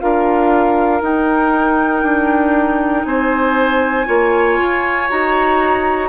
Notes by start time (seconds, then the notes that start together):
0.00 D4 F4 A#4 F5
1.02 D#4 G5
2.03 D4
3.05 C4 C5 G#5
4.06 A#3 F4 C#5
4.58 F4
5.09 D#4 F#4 A#5